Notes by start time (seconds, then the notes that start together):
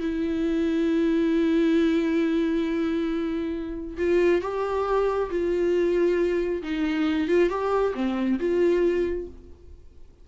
0.00 E4
3.98 F4
4.42 G4
5.30 F4
6.63 D#4
7.28 F4
7.49 G4
7.95 C4
8.39 F4